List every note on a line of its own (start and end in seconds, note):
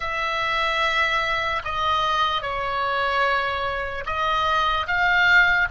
0.00 1.62 E5
1.64 2.42 D#5
2.42 4.04 C#5
4.05 4.86 D#5
4.86 5.68 F5